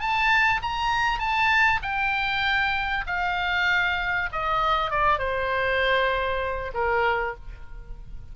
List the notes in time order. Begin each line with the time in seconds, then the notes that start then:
0.00 A5
0.62 A#5
1.19 A5
1.82 G5
3.07 F5
4.32 D#5
4.91 D5
5.19 C5
6.74 A#4